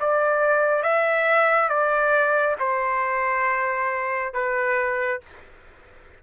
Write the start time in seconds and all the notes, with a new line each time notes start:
0.00 D5
0.83 E5
1.69 D5
2.60 C5
4.34 B4